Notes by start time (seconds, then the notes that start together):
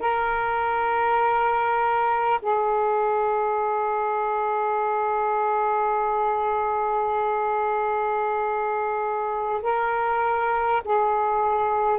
0.00 A#4
2.42 G#4
9.62 A#4
10.85 G#4